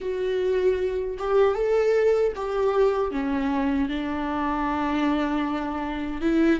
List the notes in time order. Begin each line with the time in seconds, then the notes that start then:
0.00 F#4
1.18 G4
1.54 A4
2.35 G4
3.11 C#4
3.89 D4
6.21 E4